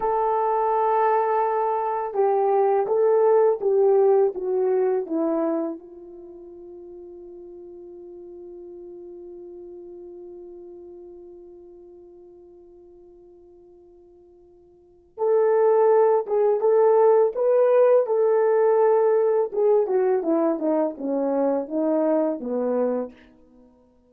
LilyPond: \new Staff \with { instrumentName = "horn" } { \time 4/4 \tempo 4 = 83 a'2. g'4 | a'4 g'4 fis'4 e'4 | f'1~ | f'1~ |
f'1~ | f'4 a'4. gis'8 a'4 | b'4 a'2 gis'8 fis'8 | e'8 dis'8 cis'4 dis'4 b4 | }